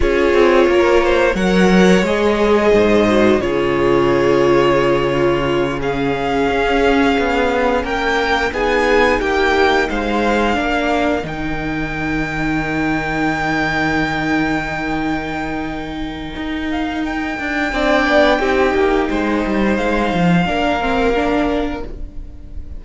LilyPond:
<<
  \new Staff \with { instrumentName = "violin" } { \time 4/4 \tempo 4 = 88 cis''2 fis''4 dis''4~ | dis''4 cis''2.~ | cis''8 f''2. g''8~ | g''8 gis''4 g''4 f''4.~ |
f''8 g''2.~ g''8~ | g''1~ | g''8 f''8 g''2.~ | g''4 f''2. | }
  \new Staff \with { instrumentName = "violin" } { \time 4/4 gis'4 ais'8 c''8 cis''2 | c''4 gis'2~ gis'8 f'8~ | f'8 gis'2. ais'8~ | ais'8 gis'4 g'4 c''4 ais'8~ |
ais'1~ | ais'1~ | ais'2 d''4 g'4 | c''2 ais'2 | }
  \new Staff \with { instrumentName = "viola" } { \time 4/4 f'2 ais'4 gis'4~ | gis'8 fis'8 f'2.~ | f'8 cis'2.~ cis'8~ | cis'8 dis'2. d'8~ |
d'8 dis'2.~ dis'8~ | dis'1~ | dis'2 d'4 dis'4~ | dis'2 d'8 c'8 d'4 | }
  \new Staff \with { instrumentName = "cello" } { \time 4/4 cis'8 c'8 ais4 fis4 gis4 | gis,4 cis2.~ | cis4. cis'4 b4 ais8~ | ais8 b4 ais4 gis4 ais8~ |
ais8 dis2.~ dis8~ | dis1 | dis'4. d'8 c'8 b8 c'8 ais8 | gis8 g8 gis8 f8 ais2 | }
>>